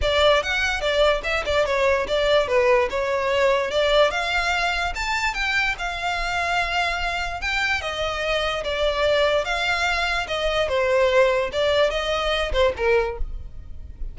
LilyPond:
\new Staff \with { instrumentName = "violin" } { \time 4/4 \tempo 4 = 146 d''4 fis''4 d''4 e''8 d''8 | cis''4 d''4 b'4 cis''4~ | cis''4 d''4 f''2 | a''4 g''4 f''2~ |
f''2 g''4 dis''4~ | dis''4 d''2 f''4~ | f''4 dis''4 c''2 | d''4 dis''4. c''8 ais'4 | }